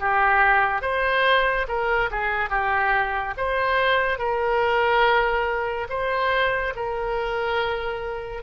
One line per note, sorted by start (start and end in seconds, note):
0.00 0.82 G4
0.82 1.67 C5
1.68 2.10 A#4
2.11 2.50 G#4
2.50 3.35 G4
3.38 4.19 C5
4.19 5.88 A#4
5.90 6.74 C5
6.76 8.43 A#4